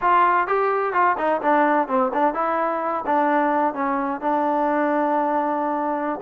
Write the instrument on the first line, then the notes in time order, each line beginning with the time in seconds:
trombone
0.01 F4
0.47 G4
0.93 F4
1.17 D#4
1.41 D4
1.87 C4
2.13 D4
2.34 E4
3.06 D4
3.74 C#4
4.20 D4